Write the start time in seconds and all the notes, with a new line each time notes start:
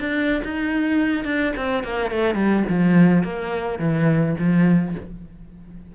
0.00 D4
0.44 D#4
1.25 D4
1.57 C4
1.84 A#3
2.11 A3
2.35 G3
2.69 F3
3.23 A#3
3.79 E3
4.39 F3